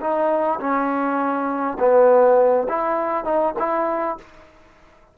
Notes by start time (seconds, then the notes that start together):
0.00 D#4
0.60 C#4
1.79 B3
2.68 E4
3.24 D#4
3.59 E4